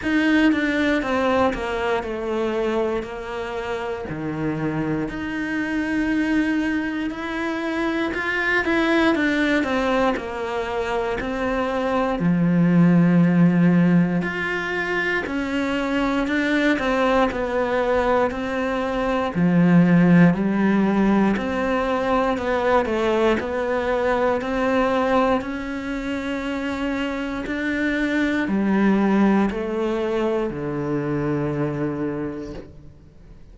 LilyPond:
\new Staff \with { instrumentName = "cello" } { \time 4/4 \tempo 4 = 59 dis'8 d'8 c'8 ais8 a4 ais4 | dis4 dis'2 e'4 | f'8 e'8 d'8 c'8 ais4 c'4 | f2 f'4 cis'4 |
d'8 c'8 b4 c'4 f4 | g4 c'4 b8 a8 b4 | c'4 cis'2 d'4 | g4 a4 d2 | }